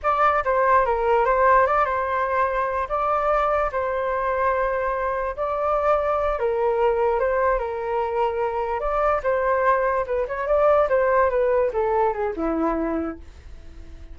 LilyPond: \new Staff \with { instrumentName = "flute" } { \time 4/4 \tempo 4 = 146 d''4 c''4 ais'4 c''4 | d''8 c''2~ c''8 d''4~ | d''4 c''2.~ | c''4 d''2~ d''8 ais'8~ |
ais'4. c''4 ais'4.~ | ais'4. d''4 c''4.~ | c''8 b'8 cis''8 d''4 c''4 b'8~ | b'8 a'4 gis'8 e'2 | }